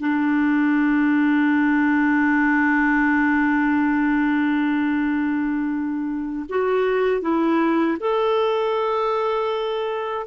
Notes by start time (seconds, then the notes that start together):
0.00 D4
6.49 F#4
7.22 E4
8.00 A4